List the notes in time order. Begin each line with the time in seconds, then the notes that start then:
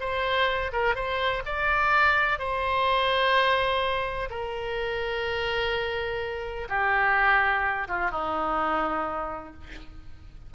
0.00 C5
0.72 A#4
0.95 C5
1.46 D5
2.39 C5
4.30 A#4
6.69 G4
7.88 F4
8.11 D#4